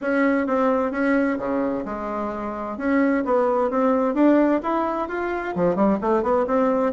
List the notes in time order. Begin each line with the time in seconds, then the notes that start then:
0.01 C#4
0.46 C4
0.91 C#4
1.38 C#3
1.85 G#3
2.77 C#4
3.24 B3
3.70 C4
4.14 D4
4.63 E4
5.08 F4
5.55 F3
5.75 G3
6.01 A3
6.23 B3
6.46 C4